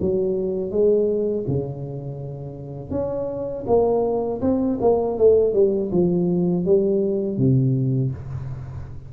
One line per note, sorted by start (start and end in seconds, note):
0.00 0.70 F#3
0.70 1.44 G#3
1.47 2.90 C#3
2.90 3.64 C#4
3.66 4.40 A#3
4.41 4.78 C4
4.80 5.18 A#3
5.18 5.53 A3
5.53 5.90 G3
5.91 6.65 F3
6.65 7.37 G3
7.37 8.11 C3